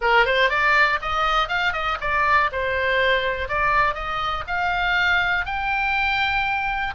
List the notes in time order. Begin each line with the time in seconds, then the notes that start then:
0.01 A#4
0.25 C5
0.49 D5
1.01 D#5
1.48 F5
1.72 D#5
2.01 D5
2.52 C5
3.48 D5
3.94 D#5
4.47 F5
5.45 G5